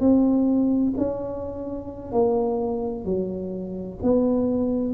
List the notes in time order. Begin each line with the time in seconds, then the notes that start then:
0.00 C4
0.98 C#4
2.12 A#3
3.05 F#3
4.03 B3